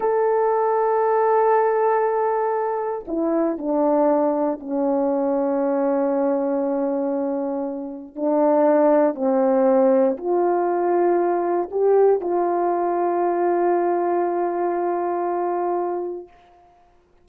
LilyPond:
\new Staff \with { instrumentName = "horn" } { \time 4/4 \tempo 4 = 118 a'1~ | a'2 e'4 d'4~ | d'4 cis'2.~ | cis'1 |
d'2 c'2 | f'2. g'4 | f'1~ | f'1 | }